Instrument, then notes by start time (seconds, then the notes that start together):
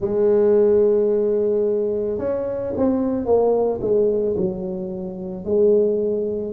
tuba
0.00 G#3
2.18 C#4
2.76 C4
3.25 A#3
3.81 G#3
4.36 F#3
5.44 G#3